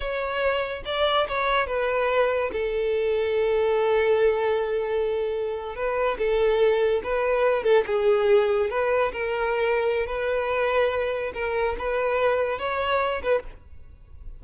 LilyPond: \new Staff \with { instrumentName = "violin" } { \time 4/4 \tempo 4 = 143 cis''2 d''4 cis''4 | b'2 a'2~ | a'1~ | a'4.~ a'16 b'4 a'4~ a'16~ |
a'8. b'4. a'8 gis'4~ gis'16~ | gis'8. b'4 ais'2~ ais'16 | b'2. ais'4 | b'2 cis''4. b'8 | }